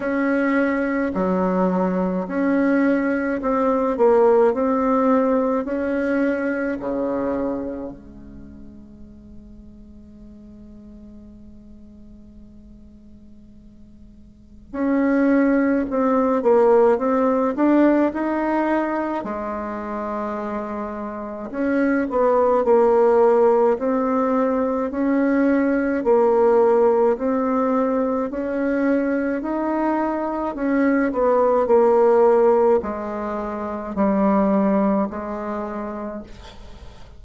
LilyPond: \new Staff \with { instrumentName = "bassoon" } { \time 4/4 \tempo 4 = 53 cis'4 fis4 cis'4 c'8 ais8 | c'4 cis'4 cis4 gis4~ | gis1~ | gis4 cis'4 c'8 ais8 c'8 d'8 |
dis'4 gis2 cis'8 b8 | ais4 c'4 cis'4 ais4 | c'4 cis'4 dis'4 cis'8 b8 | ais4 gis4 g4 gis4 | }